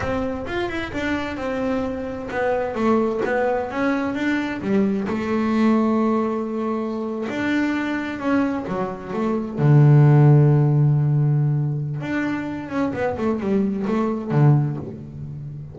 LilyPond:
\new Staff \with { instrumentName = "double bass" } { \time 4/4 \tempo 4 = 130 c'4 f'8 e'8 d'4 c'4~ | c'4 b4 a4 b4 | cis'4 d'4 g4 a4~ | a2.~ a8. d'16~ |
d'4.~ d'16 cis'4 fis4 a16~ | a8. d2.~ d16~ | d2 d'4. cis'8 | b8 a8 g4 a4 d4 | }